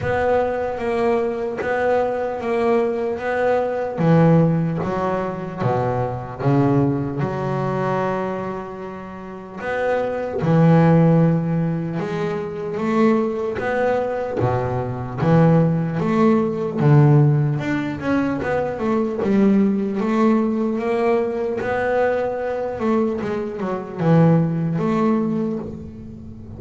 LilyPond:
\new Staff \with { instrumentName = "double bass" } { \time 4/4 \tempo 4 = 75 b4 ais4 b4 ais4 | b4 e4 fis4 b,4 | cis4 fis2. | b4 e2 gis4 |
a4 b4 b,4 e4 | a4 d4 d'8 cis'8 b8 a8 | g4 a4 ais4 b4~ | b8 a8 gis8 fis8 e4 a4 | }